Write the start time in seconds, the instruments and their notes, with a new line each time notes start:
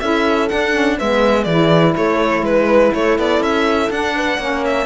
0.00 cello C#4, saxophone E4, horn A4, violin E5
0.49 saxophone D4, cello D4, violin F#5
0.73 saxophone C#4
0.98 cello G#3, saxophone B3, horn B4, violin E5
1.44 cello E3, saxophone E4, horn G#4, violin D5
1.97 cello A3, horn A4, violin C#5
2.42 cello G#3, violin B4, horn B4
2.94 cello A3, horn A4, violin C#5
3.18 cello B3, violin D5
3.40 cello C#4, violin E5
3.91 cello D4, saxophone D4, violin F#5
4.16 horn B4
4.38 cello A#3, saxophone C#4, horn C#5
4.65 violin E5